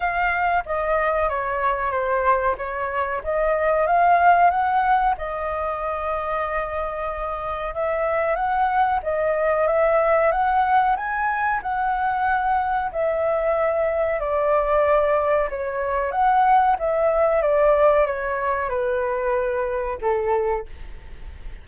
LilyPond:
\new Staff \with { instrumentName = "flute" } { \time 4/4 \tempo 4 = 93 f''4 dis''4 cis''4 c''4 | cis''4 dis''4 f''4 fis''4 | dis''1 | e''4 fis''4 dis''4 e''4 |
fis''4 gis''4 fis''2 | e''2 d''2 | cis''4 fis''4 e''4 d''4 | cis''4 b'2 a'4 | }